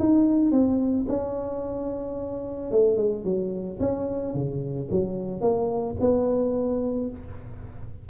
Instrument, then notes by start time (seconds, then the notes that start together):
tuba
0.00 D#4
0.52 C4
1.09 C#4
2.72 A3
2.98 G#3
3.25 F#3
3.80 C#4
4.35 C#3
4.91 F#3
5.41 A#3
6.01 B3